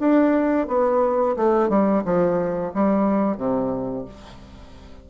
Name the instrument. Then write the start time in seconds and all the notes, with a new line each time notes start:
bassoon
0.00 D4
0.68 B3
1.37 A3
1.69 G3
2.05 F3
2.74 G3
3.37 C3